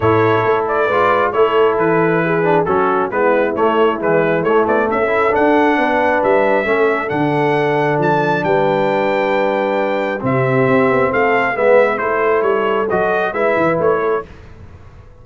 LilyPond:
<<
  \new Staff \with { instrumentName = "trumpet" } { \time 4/4 \tempo 4 = 135 cis''4. d''4. cis''4 | b'2 a'4 b'4 | cis''4 b'4 cis''8 d''8 e''4 | fis''2 e''2 |
fis''2 a''4 g''4~ | g''2. e''4~ | e''4 f''4 e''4 c''4 | cis''4 dis''4 e''4 cis''4 | }
  \new Staff \with { instrumentName = "horn" } { \time 4/4 a'2 b'4 a'4~ | a'4 gis'4 fis'4 e'4~ | e'2. a'4~ | a'4 b'2 a'4~ |
a'2. b'4~ | b'2. g'4~ | g'4 a'4 b'4 a'4~ | a'2 b'4. a'8 | }
  \new Staff \with { instrumentName = "trombone" } { \time 4/4 e'2 f'4 e'4~ | e'4. d'8 cis'4 b4 | a4 e4 a4. e'8 | d'2. cis'4 |
d'1~ | d'2. c'4~ | c'2 b4 e'4~ | e'4 fis'4 e'2 | }
  \new Staff \with { instrumentName = "tuba" } { \time 4/4 a,4 a4 gis4 a4 | e2 fis4 gis4 | a4 gis4 a8 b8 cis'4 | d'4 b4 g4 a4 |
d2 f4 g4~ | g2. c4 | c'8 b8 a4 gis4 a4 | g4 fis4 gis8 e8 a4 | }
>>